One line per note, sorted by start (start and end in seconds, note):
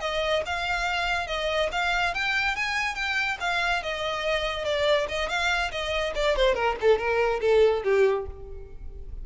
0.00 0.42 D#5
0.46 1.27 F5
1.27 1.69 D#5
1.72 2.14 F5
2.14 2.56 G5
2.56 2.95 G#5
2.95 3.37 G5
3.40 3.82 F5
3.83 4.64 D#5
4.64 5.07 D5
5.08 5.29 D#5
5.29 5.71 F5
5.71 6.13 D#5
6.15 6.36 D5
6.36 6.55 C5
6.55 6.76 A#4
6.81 6.98 A4
6.98 7.40 A#4
7.41 7.83 A4
7.84 8.26 G4